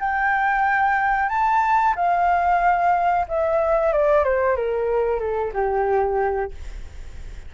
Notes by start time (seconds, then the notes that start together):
0.00 G5
1.29 A5
1.96 F5
3.28 E5
3.93 D5
4.25 C5
4.57 A#4
5.20 A4
5.54 G4